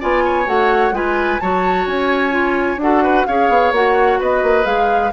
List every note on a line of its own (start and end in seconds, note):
0.00 0.47 B3
0.00 0.45 F4
0.00 0.23 D5
0.00 0.48 G#5
0.25 0.95 C#5
0.45 0.91 A3
0.45 0.92 F#4
0.45 0.95 F#5
0.91 1.37 G#3
0.91 1.40 F4
0.91 1.42 B4
0.91 1.40 G#5
1.40 1.86 F#3
1.40 2.30 F#4
1.40 2.81 C#5
1.40 1.86 A5
1.86 2.77 C#4
1.86 2.80 G#5
2.30 2.77 F4
2.77 3.23 D4
2.77 3.28 F#4
2.77 3.03 A4
2.77 3.26 F#5
3.03 3.26 B4
3.26 3.49 C#4
3.26 3.74 G#4
3.26 4.19 C#5
3.26 3.72 F5
3.49 3.72 B3
3.72 4.18 A#3
3.72 4.63 F#4
3.72 4.21 F#5
4.19 4.42 B3
4.19 5.12 B4
4.19 4.66 D#5
4.42 4.65 A#3
4.63 5.12 G#3
4.63 5.10 G#4
4.63 5.12 F5